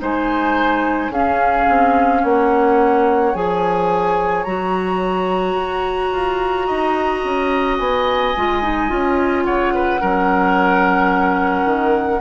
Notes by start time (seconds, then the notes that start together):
0.00 G#3 D#4 C5 G#5
1.10 C#4 G#4 F5
1.69 C4
2.22 A#3 C#5 F#5
3.34 F3 G#4 G#5
4.44 F#3 F#4 A#5
5.55 F#4
6.12 F4
6.67 D#4 D#5
7.25 C#4
7.78 B3 G#5
8.37 G#3 F4
8.62 D#4
8.90 C#4 F4
9.45 C#3 C#5 F#5
9.75 B4
10.01 F#3 C#4 A#4
11.66 D#3